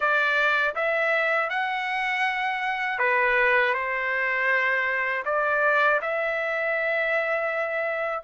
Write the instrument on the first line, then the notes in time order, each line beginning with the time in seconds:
trumpet
0.00 D5
0.75 E5
1.49 F#5
2.99 B4
3.73 C5
5.25 D5
6.01 E5